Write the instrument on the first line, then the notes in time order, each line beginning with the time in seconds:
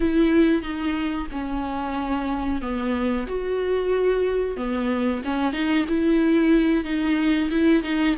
viola
0.00 E4
0.62 D#4
1.31 C#4
2.61 B3
3.27 F#4
4.57 B3
5.24 C#4
5.53 D#4
5.88 E4
6.84 D#4
7.50 E4
7.83 D#4